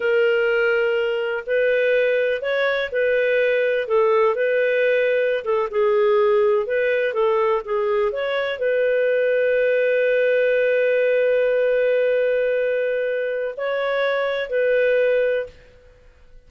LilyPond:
\new Staff \with { instrumentName = "clarinet" } { \time 4/4 \tempo 4 = 124 ais'2. b'4~ | b'4 cis''4 b'2 | a'4 b'2~ b'16 a'8 gis'16~ | gis'4.~ gis'16 b'4 a'4 gis'16~ |
gis'8. cis''4 b'2~ b'16~ | b'1~ | b'1 | cis''2 b'2 | }